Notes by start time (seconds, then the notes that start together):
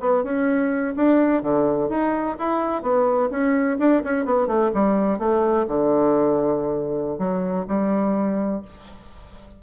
0.00 B3
0.24 C#4
0.96 D4
1.42 D3
1.89 D#4
2.39 E4
2.82 B3
3.30 C#4
3.79 D4
4.04 C#4
4.25 B3
4.47 A3
4.74 G3
5.19 A3
5.68 D3
7.18 F#3
7.68 G3